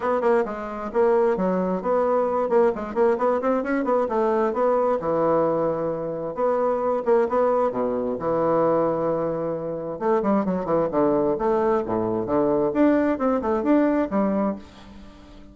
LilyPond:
\new Staff \with { instrumentName = "bassoon" } { \time 4/4 \tempo 4 = 132 b8 ais8 gis4 ais4 fis4 | b4. ais8 gis8 ais8 b8 c'8 | cis'8 b8 a4 b4 e4~ | e2 b4. ais8 |
b4 b,4 e2~ | e2 a8 g8 fis8 e8 | d4 a4 a,4 d4 | d'4 c'8 a8 d'4 g4 | }